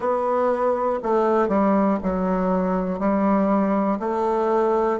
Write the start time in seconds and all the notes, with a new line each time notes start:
0.00 B3
1.03 A3
1.48 G3
2.03 F#3
2.99 G3
4.00 A3